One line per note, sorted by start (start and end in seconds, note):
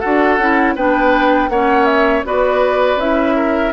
0.00 0.38 D4
0.00 0.39 F#4
0.00 0.74 A4
0.00 0.74 F#5
0.38 0.75 C#4
0.38 0.77 E4
0.75 1.49 B3
0.75 1.51 D4
0.75 1.50 B4
0.75 1.50 G5
1.49 2.23 A#3
1.49 2.24 C#4
1.49 2.26 C#5
1.49 1.85 F#5
1.85 2.22 E5
2.24 2.96 B3
2.24 2.98 F#4
2.24 3.36 B4
2.24 3.00 D5
2.96 3.70 C#4
2.96 3.73 E4
2.96 3.73 E5
3.36 3.73 A#4